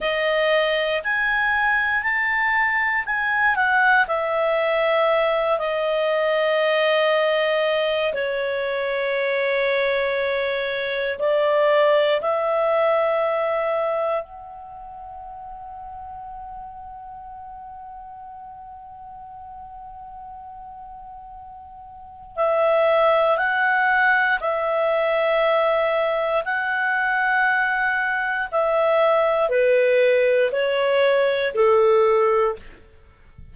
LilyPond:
\new Staff \with { instrumentName = "clarinet" } { \time 4/4 \tempo 4 = 59 dis''4 gis''4 a''4 gis''8 fis''8 | e''4. dis''2~ dis''8 | cis''2. d''4 | e''2 fis''2~ |
fis''1~ | fis''2 e''4 fis''4 | e''2 fis''2 | e''4 b'4 cis''4 a'4 | }